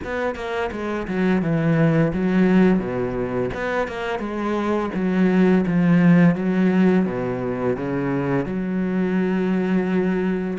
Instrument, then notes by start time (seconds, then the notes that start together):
cello
0.04 B3
0.35 A#3
0.71 G#3
1.07 F#3
1.41 E3
2.13 F#3
2.79 B2
3.54 B3
3.87 A#3
4.19 G#3
4.94 F#3
5.66 F3
6.35 F#3
7.05 B2
7.76 C#3
8.45 F#3